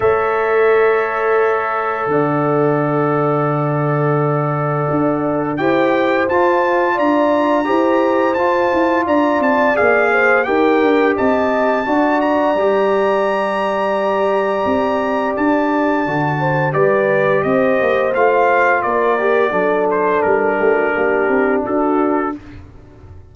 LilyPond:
<<
  \new Staff \with { instrumentName = "trumpet" } { \time 4/4 \tempo 4 = 86 e''2. fis''4~ | fis''1 | g''4 a''4 ais''2 | a''4 ais''8 a''8 f''4 g''4 |
a''4. ais''2~ ais''8~ | ais''2 a''2 | d''4 dis''4 f''4 d''4~ | d''8 c''8 ais'2 a'4 | }
  \new Staff \with { instrumentName = "horn" } { \time 4/4 cis''2. d''4~ | d''1 | c''2 d''4 c''4~ | c''4 d''4. c''8 ais'4 |
dis''4 d''2.~ | d''2.~ d''8 c''8 | b'4 c''2 ais'4 | a'4. g'16 fis'16 g'4 fis'4 | }
  \new Staff \with { instrumentName = "trombone" } { \time 4/4 a'1~ | a'1 | g'4 f'2 g'4 | f'2 gis'4 g'4~ |
g'4 fis'4 g'2~ | g'2. fis'4 | g'2 f'4. g'8 | d'1 | }
  \new Staff \with { instrumentName = "tuba" } { \time 4/4 a2. d4~ | d2. d'4 | e'4 f'4 d'4 e'4 | f'8 e'8 d'8 c'8 ais4 dis'8 d'8 |
c'4 d'4 g2~ | g4 c'4 d'4 d4 | g4 c'8 ais8 a4 ais4 | fis4 g8 a8 ais8 c'8 d'4 | }
>>